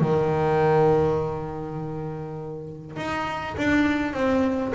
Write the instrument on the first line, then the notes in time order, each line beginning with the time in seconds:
double bass
0.00 D#3
2.96 D#4
3.57 D4
4.13 C4